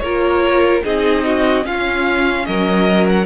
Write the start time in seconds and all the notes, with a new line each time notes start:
0.00 A#3 F4 A#4 C#5
0.85 C4 D#4 G#4 D#5
1.26 F#4
1.64 C#4 F4 F5
2.46 F#3 A#4 D#5
3.09 F#5